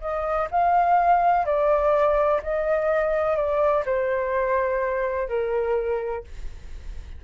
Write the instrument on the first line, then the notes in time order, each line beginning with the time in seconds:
flute
0.00 D#5
0.50 F5
1.45 D5
2.42 D#5
3.36 D5
3.85 C5
5.28 A#4